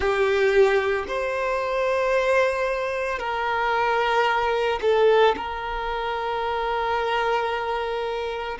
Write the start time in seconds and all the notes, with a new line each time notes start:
0.00 G4
1.07 C5
3.19 A#4
4.81 A4
5.36 A#4